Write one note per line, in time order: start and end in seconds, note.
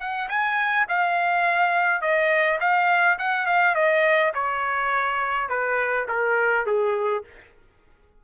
0.00 0.29 F#5
0.29 0.87 G#5
0.89 2.01 F5
2.01 2.59 D#5
2.60 3.18 F5
3.19 3.46 F#5
3.46 3.75 F5
3.75 4.33 D#5
4.35 5.49 C#5
5.49 6.07 B4
6.08 6.66 A#4
6.66 7.24 G#4